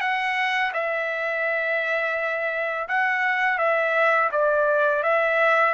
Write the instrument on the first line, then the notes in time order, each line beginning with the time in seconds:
trumpet
0.00 F#5
0.73 E5
2.88 F#5
3.58 E5
4.31 D5
5.03 E5